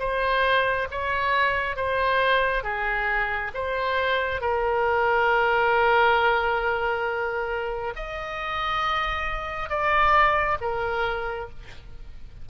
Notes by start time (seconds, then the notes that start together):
0.00 C5
0.91 C#5
1.77 C5
2.64 G#4
3.55 C5
4.42 A#4
7.97 D#5
9.70 D5
10.62 A#4